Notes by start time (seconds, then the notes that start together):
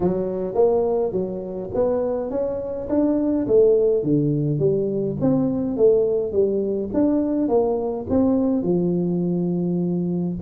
0.00 F#3
0.54 A#3
1.12 F#3
1.74 B3
2.30 C#4
2.89 D4
3.47 A3
4.03 D3
4.59 G3
5.20 C4
5.76 A3
6.32 G3
6.93 D4
7.48 A#3
8.09 C4
8.62 F3